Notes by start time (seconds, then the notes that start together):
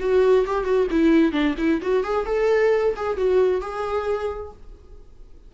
0.00 F#4
0.47 G4
0.65 F#4
0.91 E4
1.33 D4
1.58 E4
1.82 F#4
2.04 G#4
2.26 A4
2.97 G#4
3.18 F#4
3.61 G#4